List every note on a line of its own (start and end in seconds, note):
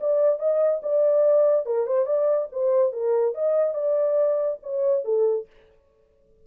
0.00 0.39 D5
0.39 0.81 D#5
0.83 1.66 D5
1.66 1.86 A#4
1.86 2.06 C5
2.06 2.48 D5
2.52 2.92 C5
2.92 3.34 A#4
3.34 3.74 D#5
3.74 4.58 D5
4.62 5.04 C#5
5.04 5.46 A4